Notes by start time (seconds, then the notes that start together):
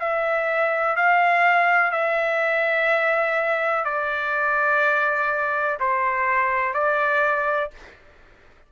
0.00 E5
0.97 F5
1.92 E5
3.85 D5
5.80 C5
6.74 D5